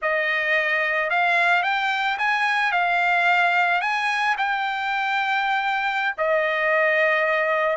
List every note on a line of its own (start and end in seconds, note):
0.01 1.10 D#5
1.10 1.62 F5
1.62 2.17 G5
2.18 2.72 G#5
2.72 3.81 F5
3.81 4.35 G#5
4.37 6.14 G5
6.17 7.76 D#5